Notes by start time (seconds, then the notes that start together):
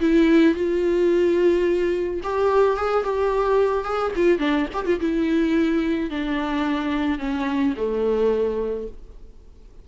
0.00 E4
0.54 F4
2.23 G4
2.77 G#4
3.04 G4
3.84 G#4
4.16 F4
4.39 D4
4.73 G4
4.86 F4
5.00 E4
6.10 D4
7.19 C#4
7.77 A3